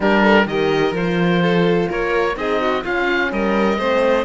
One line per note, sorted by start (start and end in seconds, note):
0.00 0.46 G3
0.00 0.47 D4
0.00 0.22 G4
0.00 0.47 A#4
0.22 0.46 A4
0.46 0.92 D#3
0.46 0.95 G4
0.46 1.41 A#4
0.46 0.94 D#5
0.92 1.86 F3
0.92 2.34 F4
0.92 1.90 C5
1.41 1.88 A4
1.88 2.36 A#3
1.88 2.36 A#4
1.88 2.37 C#5
2.34 2.83 C4
2.34 2.82 D#4
2.34 2.61 G#4
2.34 2.84 D#5
2.61 2.83 F#4
2.83 3.31 C#4
2.83 3.78 C#4
2.83 3.30 F4
2.83 3.32 F5
3.31 3.77 G3
3.31 3.78 A#4
3.31 4.24 D#5
3.77 4.24 A3
3.77 4.24 C4
3.77 4.24 C5